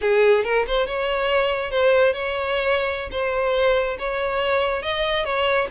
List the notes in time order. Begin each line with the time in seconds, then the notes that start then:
0.01 G#4
0.44 A#4
0.67 C5
0.86 C#5
1.70 C5
2.13 C#5
3.11 C5
3.98 C#5
4.82 D#5
5.24 C#5